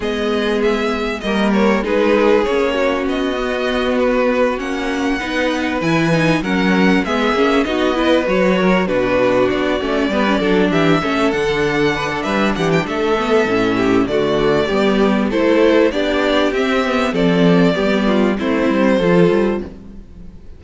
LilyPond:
<<
  \new Staff \with { instrumentName = "violin" } { \time 4/4 \tempo 4 = 98 dis''4 e''4 dis''8 cis''8 b'4 | cis''4 dis''4. b'4 fis''8~ | fis''4. gis''4 fis''4 e''8~ | e''8 dis''4 cis''4 b'4 d''8~ |
d''4. e''4 fis''4. | e''8 fis''16 g''16 e''2 d''4~ | d''4 c''4 d''4 e''4 | d''2 c''2 | }
  \new Staff \with { instrumentName = "violin" } { \time 4/4 gis'2 ais'4 gis'4~ | gis'8 fis'2.~ fis'8~ | fis'8 b'2 ais'4 gis'8~ | gis'8 fis'8 b'4 ais'8 fis'4.~ |
fis'8 b'8 a'8 g'8 a'4. b'16 a'16 | b'8 g'8 a'4. g'8 fis'4 | g'4 a'4 g'2 | a'4 g'8 f'8 e'4 a'4 | }
  \new Staff \with { instrumentName = "viola" } { \time 4/4 b2 ais4 dis'4 | cis'4. b2 cis'8~ | cis'8 dis'4 e'8 dis'8 cis'4 b8 | cis'8 dis'8 e'8 fis'4 d'4. |
cis'8 b16 cis'16 d'4 cis'8 d'4.~ | d'4. b8 cis'4 a4 | b4 e'4 d'4 c'8 b8 | c'4 b4 c'4 f'4 | }
  \new Staff \with { instrumentName = "cello" } { \time 4/4 gis2 g4 gis4 | ais4 b2~ b8 ais8~ | ais8 b4 e4 fis4 gis8 | ais8 b4 fis4 b,4 b8 |
a8 g8 fis8 e8 a8 d4. | g8 e8 a4 a,4 d4 | g4 a4 b4 c'4 | f4 g4 a8 g8 f8 g8 | }
>>